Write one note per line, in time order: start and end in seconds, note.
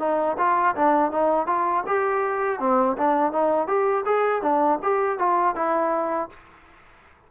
0.00 0.37 D#4
0.38 0.75 F4
0.76 1.12 D4
1.12 1.47 D#4
1.47 1.84 F4
1.87 2.60 G4
2.60 2.97 C4
2.98 3.33 D4
3.33 3.68 D#4
3.68 4.05 G4
4.06 4.43 G#4
4.43 4.80 D4
4.83 5.19 G4
5.19 5.56 F4
5.56 6.30 E4